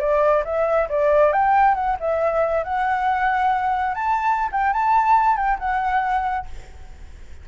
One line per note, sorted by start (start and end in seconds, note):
0.00 0.44 D5
0.45 0.89 E5
0.90 1.33 D5
1.33 1.75 G5
1.75 1.97 F#5
2.00 2.64 E5
2.64 3.95 F#5
3.95 4.50 A5
4.52 4.73 G5
4.73 5.37 A5
5.37 5.59 G5
5.59 6.47 F#5